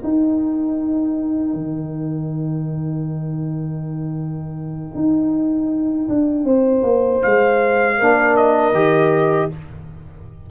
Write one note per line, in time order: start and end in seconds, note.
0.00 7.97 D#4
0.00 1.54 D#4
0.00 6.45 A#4
0.00 7.23 G5
1.54 4.95 D#3
4.95 6.09 D#4
6.09 6.44 D4
6.44 6.82 C4
6.44 7.97 C5
6.83 7.21 A#3
7.23 8.00 G#3
7.23 8.37 F5
7.98 8.73 A#3
7.98 8.74 D4
7.98 9.50 A#4
8.37 9.51 D#5
8.73 9.49 D#3
8.73 9.50 G4